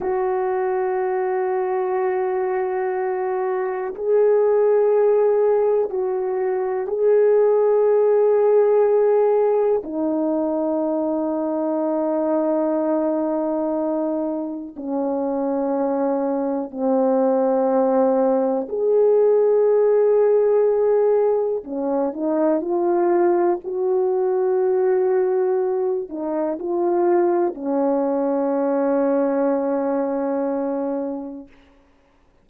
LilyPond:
\new Staff \with { instrumentName = "horn" } { \time 4/4 \tempo 4 = 61 fis'1 | gis'2 fis'4 gis'4~ | gis'2 dis'2~ | dis'2. cis'4~ |
cis'4 c'2 gis'4~ | gis'2 cis'8 dis'8 f'4 | fis'2~ fis'8 dis'8 f'4 | cis'1 | }